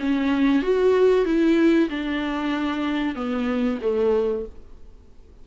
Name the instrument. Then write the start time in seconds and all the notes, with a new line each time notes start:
viola
0.00 C#4
0.63 F#4
1.25 E4
1.90 D4
3.16 B3
3.82 A3